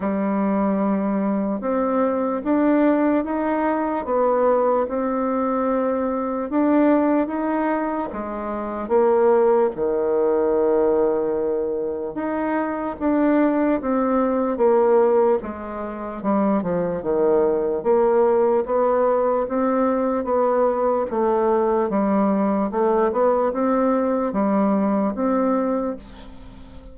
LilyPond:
\new Staff \with { instrumentName = "bassoon" } { \time 4/4 \tempo 4 = 74 g2 c'4 d'4 | dis'4 b4 c'2 | d'4 dis'4 gis4 ais4 | dis2. dis'4 |
d'4 c'4 ais4 gis4 | g8 f8 dis4 ais4 b4 | c'4 b4 a4 g4 | a8 b8 c'4 g4 c'4 | }